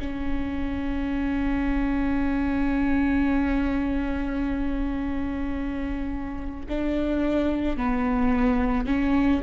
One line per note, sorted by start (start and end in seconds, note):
0.00 6.67 C#4
6.69 7.77 D4
7.77 8.86 B3
8.86 9.42 C#4